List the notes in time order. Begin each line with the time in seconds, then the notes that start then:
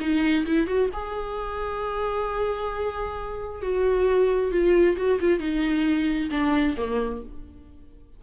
0.00 D#4
0.45 E4
0.67 F#4
0.93 G#4
3.62 F#4
4.51 F4
4.97 F#4
5.20 F4
5.39 D#4
6.31 D4
6.77 A#3